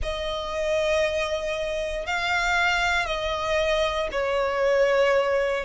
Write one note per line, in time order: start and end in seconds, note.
0.02 2.06 D#5
2.06 3.06 F5
3.06 4.08 D#5
4.11 5.64 C#5